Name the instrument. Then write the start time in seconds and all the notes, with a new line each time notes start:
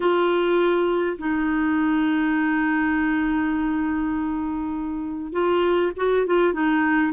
clarinet
0.00 F4
1.18 D#4
5.32 F4
5.96 F#4
6.26 F4
6.53 D#4